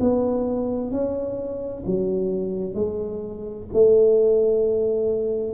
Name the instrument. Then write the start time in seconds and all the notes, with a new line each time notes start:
tuba
0.00 B3
0.91 C#4
1.87 F#3
2.74 G#3
3.74 A3